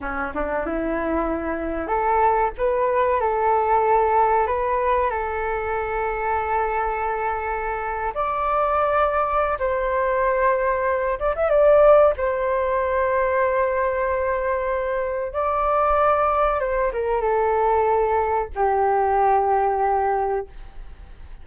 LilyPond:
\new Staff \with { instrumentName = "flute" } { \time 4/4 \tempo 4 = 94 cis'8 d'8 e'2 a'4 | b'4 a'2 b'4 | a'1~ | a'8. d''2~ d''16 c''4~ |
c''4. d''16 e''16 d''4 c''4~ | c''1 | d''2 c''8 ais'8 a'4~ | a'4 g'2. | }